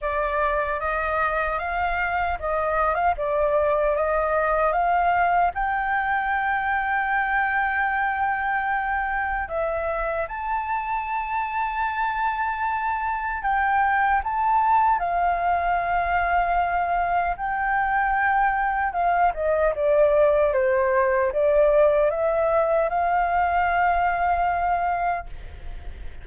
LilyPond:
\new Staff \with { instrumentName = "flute" } { \time 4/4 \tempo 4 = 76 d''4 dis''4 f''4 dis''8. f''16 | d''4 dis''4 f''4 g''4~ | g''1 | e''4 a''2.~ |
a''4 g''4 a''4 f''4~ | f''2 g''2 | f''8 dis''8 d''4 c''4 d''4 | e''4 f''2. | }